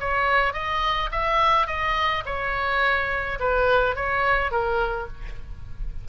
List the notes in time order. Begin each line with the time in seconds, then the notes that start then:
0.00 C#5
0.53 D#5
1.11 E5
1.67 D#5
2.25 C#5
3.39 B4
3.96 C#5
4.51 A#4